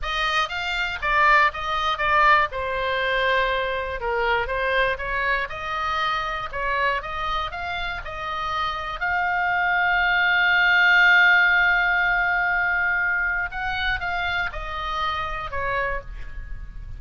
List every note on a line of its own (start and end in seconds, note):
0.02 0.48 D#5
0.48 0.98 F5
1.01 1.51 D5
1.53 1.97 D#5
1.97 2.48 D5
2.51 4.00 C5
4.00 4.47 A#4
4.47 4.97 C5
4.97 5.47 C#5
5.49 6.49 D#5
6.51 7.01 C#5
7.02 7.51 D#5
7.51 8.01 F5
8.05 9.00 D#5
9.00 13.50 F5
13.51 14.00 F#5
14.00 14.50 F5
14.52 15.50 D#5
15.50 16.00 C#5